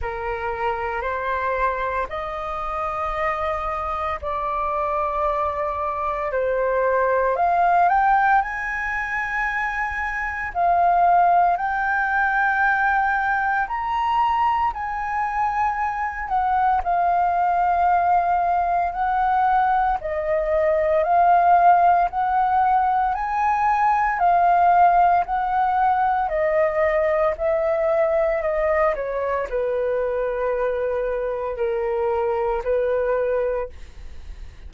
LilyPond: \new Staff \with { instrumentName = "flute" } { \time 4/4 \tempo 4 = 57 ais'4 c''4 dis''2 | d''2 c''4 f''8 g''8 | gis''2 f''4 g''4~ | g''4 ais''4 gis''4. fis''8 |
f''2 fis''4 dis''4 | f''4 fis''4 gis''4 f''4 | fis''4 dis''4 e''4 dis''8 cis''8 | b'2 ais'4 b'4 | }